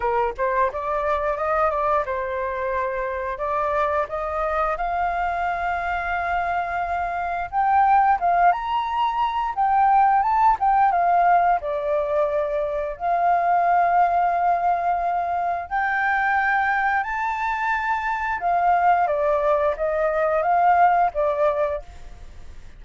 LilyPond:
\new Staff \with { instrumentName = "flute" } { \time 4/4 \tempo 4 = 88 ais'8 c''8 d''4 dis''8 d''8 c''4~ | c''4 d''4 dis''4 f''4~ | f''2. g''4 | f''8 ais''4. g''4 a''8 g''8 |
f''4 d''2 f''4~ | f''2. g''4~ | g''4 a''2 f''4 | d''4 dis''4 f''4 d''4 | }